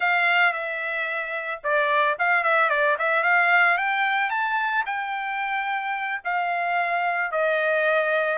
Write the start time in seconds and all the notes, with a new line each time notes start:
0.00 F5
0.53 E5
1.63 D5
2.19 F5
2.43 E5
2.69 D5
2.99 E5
3.23 F5
3.77 G5
4.30 A5
4.86 G5
6.24 F5
7.31 D#5